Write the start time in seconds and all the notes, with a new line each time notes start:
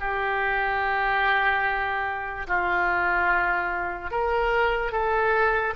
0.00 G4
2.47 F4
4.11 A#4
4.92 A4